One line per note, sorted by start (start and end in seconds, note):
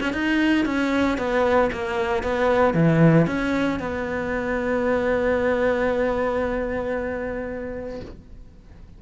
0.00 0.13 C#4
0.13 0.65 D#4
0.65 1.17 C#4
1.17 1.70 B3
1.72 2.23 A#3
2.23 2.74 B3
2.74 3.26 E3
3.27 3.79 C#4
3.79 8.00 B3